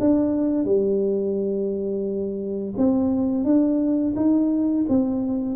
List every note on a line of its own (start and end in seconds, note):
0.00 0.65 D4
0.65 2.74 G3
2.77 3.45 C4
3.45 4.14 D4
4.16 4.86 D#4
4.89 5.56 C4